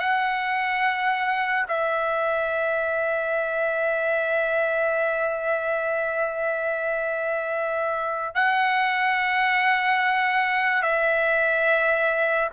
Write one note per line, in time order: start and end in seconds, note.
0.00 1.67 F#5
1.69 8.35 E5
8.35 10.83 F#5
10.83 12.50 E5